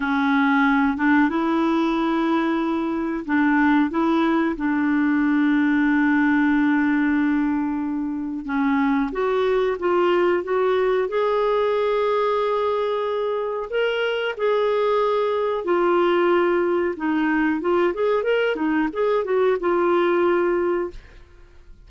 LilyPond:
\new Staff \with { instrumentName = "clarinet" } { \time 4/4 \tempo 4 = 92 cis'4. d'8 e'2~ | e'4 d'4 e'4 d'4~ | d'1~ | d'4 cis'4 fis'4 f'4 |
fis'4 gis'2.~ | gis'4 ais'4 gis'2 | f'2 dis'4 f'8 gis'8 | ais'8 dis'8 gis'8 fis'8 f'2 | }